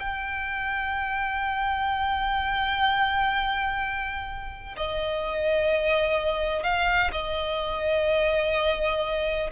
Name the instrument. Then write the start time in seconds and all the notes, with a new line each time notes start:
violin
0.00 G5
4.77 D#5
6.64 F5
7.13 D#5